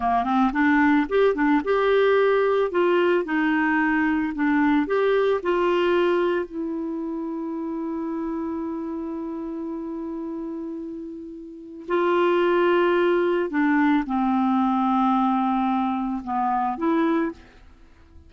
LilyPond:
\new Staff \with { instrumentName = "clarinet" } { \time 4/4 \tempo 4 = 111 ais8 c'8 d'4 g'8 d'8 g'4~ | g'4 f'4 dis'2 | d'4 g'4 f'2 | e'1~ |
e'1~ | e'2 f'2~ | f'4 d'4 c'2~ | c'2 b4 e'4 | }